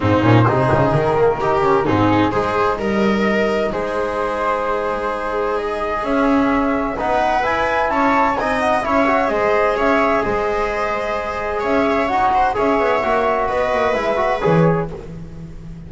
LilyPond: <<
  \new Staff \with { instrumentName = "flute" } { \time 4/4 \tempo 4 = 129 c''2 ais'2 | gis'4 c''4 dis''2 | c''1 | dis''4 e''2 fis''4 |
gis''4 a''4 gis''8 fis''8 e''4 | dis''4 e''4 dis''2~ | dis''4 e''4 fis''4 e''4~ | e''4 dis''4 e''4 cis''4 | }
  \new Staff \with { instrumentName = "viola" } { \time 4/4 dis'4 gis'2 g'4 | dis'4 gis'4 ais'2 | gis'1~ | gis'2. b'4~ |
b'4 cis''4 dis''4 cis''4 | c''4 cis''4 c''2~ | c''4 cis''4. c''8 cis''4~ | cis''4 b'2. | }
  \new Staff \with { instrumentName = "trombone" } { \time 4/4 c'8 cis'8 dis'4. ais8 dis'8 cis'8 | c'4 dis'2.~ | dis'1~ | dis'4 cis'2 dis'4 |
e'2 dis'4 e'8 fis'8 | gis'1~ | gis'2 fis'4 gis'4 | fis'2 e'8 fis'8 gis'4 | }
  \new Staff \with { instrumentName = "double bass" } { \time 4/4 gis,8 ais,8 c8 cis8 dis2 | gis,4 gis4 g2 | gis1~ | gis4 cis'2 b4 |
e'4 cis'4 c'4 cis'4 | gis4 cis'4 gis2~ | gis4 cis'4 dis'4 cis'8 b8 | ais4 b8 ais8 gis4 e4 | }
>>